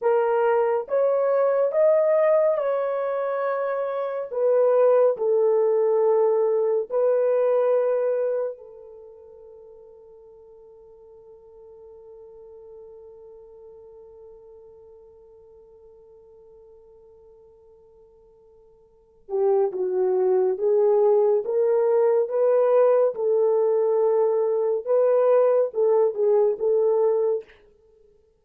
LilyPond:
\new Staff \with { instrumentName = "horn" } { \time 4/4 \tempo 4 = 70 ais'4 cis''4 dis''4 cis''4~ | cis''4 b'4 a'2 | b'2 a'2~ | a'1~ |
a'1~ | a'2~ a'8 g'8 fis'4 | gis'4 ais'4 b'4 a'4~ | a'4 b'4 a'8 gis'8 a'4 | }